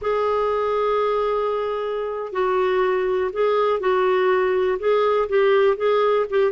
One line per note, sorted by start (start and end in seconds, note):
0.01 2.32 G#4
2.32 3.30 F#4
3.32 3.80 G#4
3.80 4.78 F#4
4.79 5.28 G#4
5.28 5.77 G4
5.77 6.26 G#4
6.30 6.51 G4